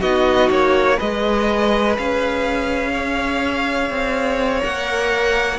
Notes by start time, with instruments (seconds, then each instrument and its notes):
0.00 cello B3, viola D#4, violin F#4 D#5
0.50 cello A#3, violin C#5
0.97 cello G#3, viola G#4, violin B4 D#5
1.98 cello C#4, violin F5
2.94 violin C#5
3.90 cello C4
4.60 cello A#3, viola A#4, violin F#5